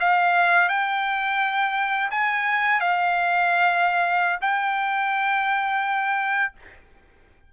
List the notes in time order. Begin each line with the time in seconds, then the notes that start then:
0.00 F5
0.69 G5
2.11 G#5
2.81 F5
4.41 G5